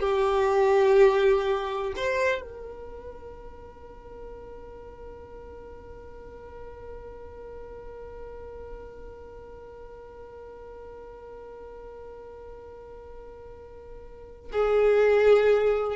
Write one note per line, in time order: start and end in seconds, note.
0.00 1.94 G4
1.96 2.41 C5
2.41 14.51 A#4
14.52 15.96 G#4